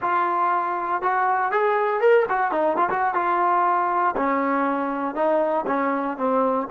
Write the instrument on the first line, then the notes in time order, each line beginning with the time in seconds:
trombone
0.01 F4
1.02 F#4
1.51 G#4
2.00 A#4
2.29 F#4
2.51 D#4
2.76 F4
2.89 F#4
3.14 F4
4.16 C#4
5.14 D#4
5.67 C#4
6.17 C4